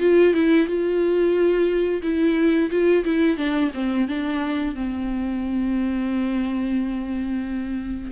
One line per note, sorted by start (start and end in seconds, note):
0.00 0.34 F4
0.34 0.67 E4
0.67 2.02 F4
2.03 2.70 E4
2.71 3.04 F4
3.05 3.37 E4
3.37 3.71 D4
3.74 4.08 C4
4.08 4.75 D4
4.75 8.12 C4